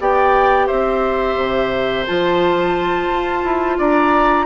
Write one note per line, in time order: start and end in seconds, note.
0.00 0.69 B3
0.00 2.06 G4
0.00 0.67 D5
0.00 0.67 G5
0.67 1.36 C4
0.67 3.77 C5
0.67 2.05 E5
1.36 2.05 C3
2.06 3.08 F3
2.06 4.46 F4
2.06 3.79 A5
3.08 3.43 F4
3.43 3.78 E4
3.78 4.46 D4
3.78 4.46 D5
3.78 4.46 A#5